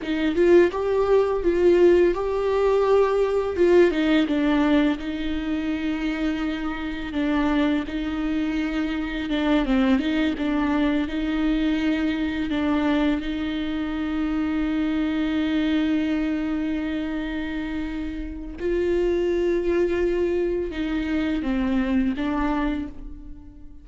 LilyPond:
\new Staff \with { instrumentName = "viola" } { \time 4/4 \tempo 4 = 84 dis'8 f'8 g'4 f'4 g'4~ | g'4 f'8 dis'8 d'4 dis'4~ | dis'2 d'4 dis'4~ | dis'4 d'8 c'8 dis'8 d'4 dis'8~ |
dis'4. d'4 dis'4.~ | dis'1~ | dis'2 f'2~ | f'4 dis'4 c'4 d'4 | }